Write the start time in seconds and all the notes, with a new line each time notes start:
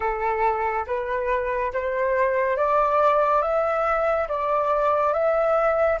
0.00 A4
0.86 B4
1.73 C5
2.56 D5
3.41 E5
4.28 D5
5.13 E5